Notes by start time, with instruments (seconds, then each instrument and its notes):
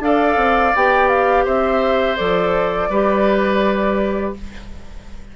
0.00 bassoon D4, clarinet A4, oboe D5, flute F5
0.36 bassoon C4
0.75 bassoon B3, clarinet G4, flute G5
1.08 flute F5
1.44 bassoon C4, oboe C5, flute E5
2.16 bassoon F3, clarinet A4, flute D5
2.89 bassoon G3, clarinet G4, oboe B4